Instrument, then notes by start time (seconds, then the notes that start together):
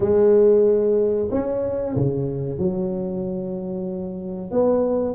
tuba
0.00 G#3
1.31 C#4
1.95 C#3
2.58 F#3
4.51 B3